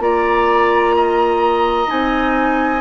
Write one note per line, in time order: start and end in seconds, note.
0.00 1.88 A#3
0.00 1.87 F4
0.00 0.96 D5
0.00 1.90 A#5
0.96 2.81 D#5
1.87 2.81 C4
1.87 2.81 D#4
1.87 2.81 G#5